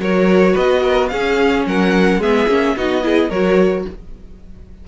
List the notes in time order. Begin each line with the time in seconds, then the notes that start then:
0.00 F#3 F#4 A#4 C#5
0.53 B3 B4 D#5
0.82 A#4
1.09 C#4 G#4 F5
1.67 F#3 A#4 F#5
2.19 G#3 B3 G#4 E5
2.48 A#3 C#4
2.77 B3 D#4 F#4 D#5
3.03 E4 G#4
3.30 F#3 F#4 A#4 C#5